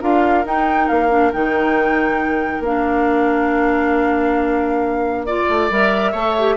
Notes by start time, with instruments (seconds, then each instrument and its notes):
0.00 bassoon D4, clarinet F4, oboe A#4, flute F5
0.45 bassoon D#4, clarinet D#4, flute G5
0.88 bassoon A#3, flute F5
1.09 clarinet D4
1.32 bassoon D#3, clarinet D#4, flute G5
2.59 bassoon A#3, clarinet D4, flute F5
5.25 clarinet F4, flute D5, oboe D5
5.48 bassoon A3
5.70 bassoon G3, clarinet A#4, flute E5
6.11 bassoon A3, clarinet A4, oboe C#5
6.38 clarinet G4